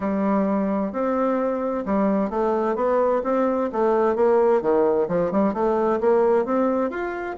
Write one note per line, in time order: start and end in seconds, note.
0.00 0.92 G3
0.92 1.84 C4
1.85 2.30 G3
2.30 2.75 A3
2.75 3.21 B3
3.23 3.69 C4
3.72 4.15 A3
4.15 4.61 A#3
4.61 5.07 D#3
5.08 5.31 F3
5.31 5.53 G3
5.53 5.99 A3
6.00 6.45 A#3
6.45 6.90 C4
6.90 7.36 F4